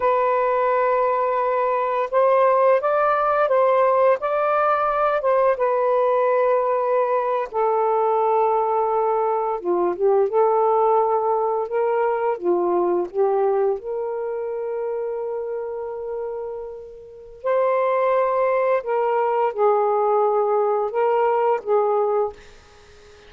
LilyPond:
\new Staff \with { instrumentName = "saxophone" } { \time 4/4 \tempo 4 = 86 b'2. c''4 | d''4 c''4 d''4. c''8 | b'2~ b'8. a'4~ a'16~ | a'4.~ a'16 f'8 g'8 a'4~ a'16~ |
a'8. ais'4 f'4 g'4 ais'16~ | ais'1~ | ais'4 c''2 ais'4 | gis'2 ais'4 gis'4 | }